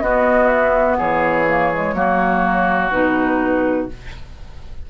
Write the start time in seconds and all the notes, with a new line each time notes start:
0.00 B3 F#4 D#5
0.47 E5
0.97 E3 G#4 C#5
1.48 A#3
1.73 G#3
1.93 F#3 A#3 F#4
2.90 B2 D#4 B4